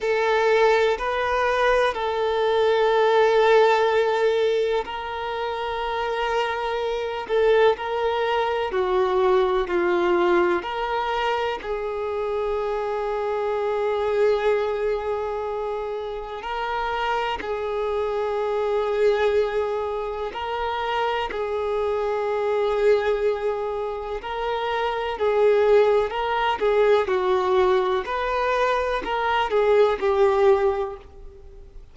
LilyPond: \new Staff \with { instrumentName = "violin" } { \time 4/4 \tempo 4 = 62 a'4 b'4 a'2~ | a'4 ais'2~ ais'8 a'8 | ais'4 fis'4 f'4 ais'4 | gis'1~ |
gis'4 ais'4 gis'2~ | gis'4 ais'4 gis'2~ | gis'4 ais'4 gis'4 ais'8 gis'8 | fis'4 b'4 ais'8 gis'8 g'4 | }